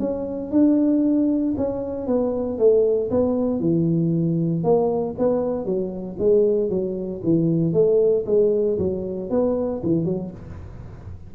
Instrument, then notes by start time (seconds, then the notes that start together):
tuba
0.00 C#4
0.51 D4
1.57 C#4
2.07 B3
2.59 A3
3.11 B3
3.60 E3
4.64 A#3
5.19 B3
5.65 F#3
6.19 G#3
6.70 F#3
7.24 E3
7.73 A3
8.26 G#3
8.79 F#3
9.30 B3
9.83 E3
10.05 F#3